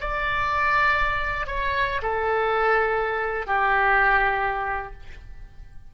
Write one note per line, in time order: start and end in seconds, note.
0.00 1.46 D5
1.46 2.01 C#5
2.02 3.46 A4
3.46 4.93 G4